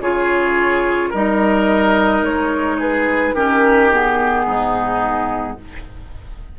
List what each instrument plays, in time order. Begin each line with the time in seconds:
0.00 bassoon C#3, clarinet F4, oboe G#4, flute C#5
1.10 bassoon G3, clarinet D#4, oboe A#4, flute D#5
2.22 bassoon G#3, flute C#5
2.79 oboe G#4, flute B4
3.35 bassoon D#3, clarinet C#4, oboe G4, flute A#4
3.91 clarinet B3, flute G#4
4.46 bassoon G#2, oboe D#4